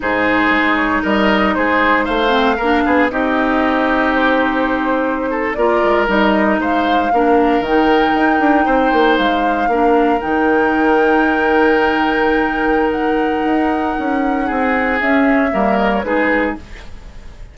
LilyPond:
<<
  \new Staff \with { instrumentName = "flute" } { \time 4/4 \tempo 4 = 116 c''4. cis''8 dis''4 c''4 | f''2 dis''2 | c''2~ c''8. d''4 dis''16~ | dis''8. f''2 g''4~ g''16~ |
g''4.~ g''16 f''2 g''16~ | g''1~ | g''4 fis''2.~ | fis''4 e''4. dis''16 cis''16 b'4 | }
  \new Staff \with { instrumentName = "oboe" } { \time 4/4 gis'2 ais'4 gis'4 | c''4 ais'8 gis'8 g'2~ | g'2~ g'16 a'8 ais'4~ ais'16~ | ais'8. c''4 ais'2~ ais'16~ |
ais'8. c''2 ais'4~ ais'16~ | ais'1~ | ais'1 | gis'2 ais'4 gis'4 | }
  \new Staff \with { instrumentName = "clarinet" } { \time 4/4 dis'1~ | dis'8 c'8 d'4 dis'2~ | dis'2~ dis'8. f'4 dis'16~ | dis'4.~ dis'16 d'4 dis'4~ dis'16~ |
dis'2~ dis'8. d'4 dis'16~ | dis'1~ | dis'1~ | dis'4 cis'4 ais4 dis'4 | }
  \new Staff \with { instrumentName = "bassoon" } { \time 4/4 gis,4 gis4 g4 gis4 | a4 ais8 b8 c'2~ | c'2~ c'8. ais8 gis8 g16~ | g8. gis4 ais4 dis4 dis'16~ |
dis'16 d'8 c'8 ais8 gis4 ais4 dis16~ | dis1~ | dis2 dis'4 cis'4 | c'4 cis'4 g4 gis4 | }
>>